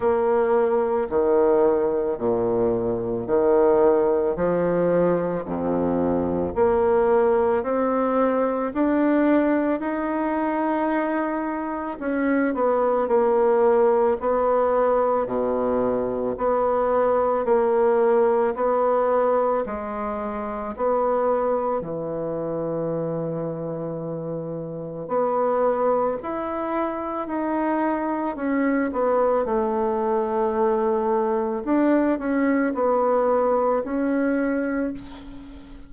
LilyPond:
\new Staff \with { instrumentName = "bassoon" } { \time 4/4 \tempo 4 = 55 ais4 dis4 ais,4 dis4 | f4 f,4 ais4 c'4 | d'4 dis'2 cis'8 b8 | ais4 b4 b,4 b4 |
ais4 b4 gis4 b4 | e2. b4 | e'4 dis'4 cis'8 b8 a4~ | a4 d'8 cis'8 b4 cis'4 | }